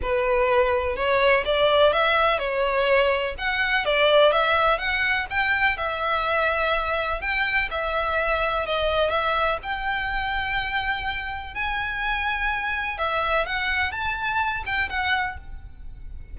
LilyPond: \new Staff \with { instrumentName = "violin" } { \time 4/4 \tempo 4 = 125 b'2 cis''4 d''4 | e''4 cis''2 fis''4 | d''4 e''4 fis''4 g''4 | e''2. g''4 |
e''2 dis''4 e''4 | g''1 | gis''2. e''4 | fis''4 a''4. g''8 fis''4 | }